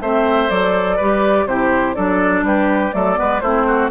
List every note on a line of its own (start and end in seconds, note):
0.00 0.49 A3
0.00 0.50 C4
0.00 0.96 C5
0.00 0.49 E5
0.49 0.98 F#3
0.49 0.98 A4
0.49 1.46 D5
0.96 1.45 G3
0.96 1.49 G4
0.96 1.45 B4
1.45 1.94 C3
1.45 1.95 E4
1.45 1.95 G4
1.45 1.95 C5
1.95 2.42 F#3
1.95 2.91 D4
1.95 2.44 A4
1.95 2.43 D5
2.42 2.91 G3
2.42 2.95 G4
2.42 2.92 B4
2.91 3.18 F#3
2.91 3.15 A3
2.91 3.18 A4
2.91 3.40 D5
3.15 3.41 G#3
3.15 3.40 B3
3.15 3.42 B4
3.40 3.90 A3
3.40 3.90 C4
3.40 3.66 E4
3.40 3.89 C5
3.67 3.90 F#4